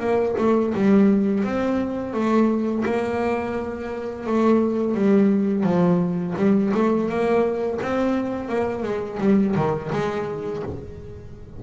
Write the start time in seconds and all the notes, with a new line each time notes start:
0.00 A#3
0.38 A3
0.74 G3
1.44 C4
2.14 A3
2.86 A#3
4.27 A3
4.95 G3
5.64 F3
6.37 G3
6.74 A3
7.09 A#3
7.82 C4
8.49 A#3
8.83 G#3
9.20 G3
9.56 D#3
9.92 G#3